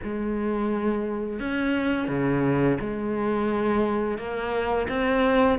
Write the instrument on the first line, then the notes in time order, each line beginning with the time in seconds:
cello
0.03 G#3
1.39 C#4
2.08 C#3
2.80 G#3
4.18 A#3
4.88 C4